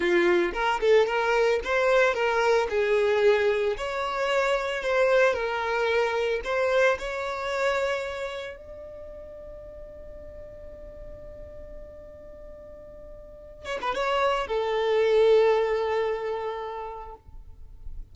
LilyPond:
\new Staff \with { instrumentName = "violin" } { \time 4/4 \tempo 4 = 112 f'4 ais'8 a'8 ais'4 c''4 | ais'4 gis'2 cis''4~ | cis''4 c''4 ais'2 | c''4 cis''2. |
d''1~ | d''1~ | d''4. cis''16 b'16 cis''4 a'4~ | a'1 | }